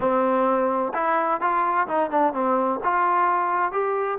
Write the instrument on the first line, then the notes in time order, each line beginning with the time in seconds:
trombone
0.00 C4
0.94 E4
1.40 F4
1.87 D#4
2.10 D4
2.33 C4
2.83 F4
3.71 G4